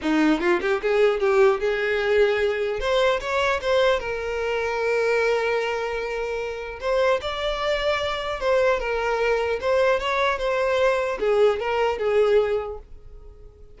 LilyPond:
\new Staff \with { instrumentName = "violin" } { \time 4/4 \tempo 4 = 150 dis'4 f'8 g'8 gis'4 g'4 | gis'2. c''4 | cis''4 c''4 ais'2~ | ais'1~ |
ais'4 c''4 d''2~ | d''4 c''4 ais'2 | c''4 cis''4 c''2 | gis'4 ais'4 gis'2 | }